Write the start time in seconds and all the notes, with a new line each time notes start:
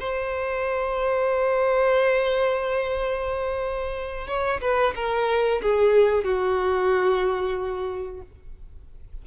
0.00 C5
4.28 C#5
4.62 B4
4.96 A#4
5.62 G#4
6.25 F#4